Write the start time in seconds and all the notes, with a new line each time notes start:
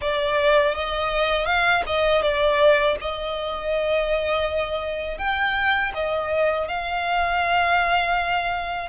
0.01 D5
0.74 D#5
1.45 F5
1.86 D#5
2.22 D5
3.00 D#5
5.18 G5
5.94 D#5
6.67 F5